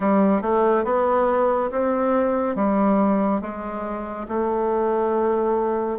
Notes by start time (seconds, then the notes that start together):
0.00 G3
0.41 A3
0.84 B3
1.71 C4
2.55 G3
3.41 G#3
4.28 A3